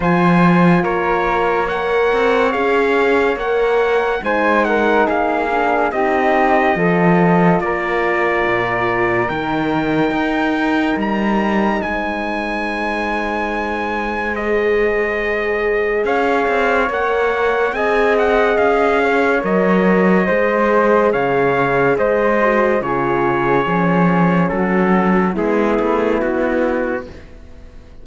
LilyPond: <<
  \new Staff \with { instrumentName = "trumpet" } { \time 4/4 \tempo 4 = 71 gis''4 cis''4 fis''4 f''4 | fis''4 gis''8 fis''8 f''4 dis''4~ | dis''4 d''2 g''4~ | g''4 ais''4 gis''2~ |
gis''4 dis''2 f''4 | fis''4 gis''8 fis''8 f''4 dis''4~ | dis''4 f''4 dis''4 cis''4~ | cis''4 a'4 gis'4 fis'4 | }
  \new Staff \with { instrumentName = "flute" } { \time 4/4 c''4 ais'4 cis''2~ | cis''4 c''8 ais'8 gis'4 g'4 | a'4 ais'2.~ | ais'2 c''2~ |
c''2. cis''4~ | cis''4 dis''4. cis''4. | c''4 cis''4 c''4 gis'4~ | gis'4 fis'4 e'2 | }
  \new Staff \with { instrumentName = "horn" } { \time 4/4 f'2 ais'4 gis'4 | ais'4 dis'4. d'8 dis'4 | f'2. dis'4~ | dis'1~ |
dis'4 gis'2. | ais'4 gis'2 ais'4 | gis'2~ gis'8 fis'8 f'4 | cis'2 b2 | }
  \new Staff \with { instrumentName = "cello" } { \time 4/4 f4 ais4. c'8 cis'4 | ais4 gis4 ais4 c'4 | f4 ais4 ais,4 dis4 | dis'4 g4 gis2~ |
gis2. cis'8 c'8 | ais4 c'4 cis'4 fis4 | gis4 cis4 gis4 cis4 | f4 fis4 gis8 a8 b4 | }
>>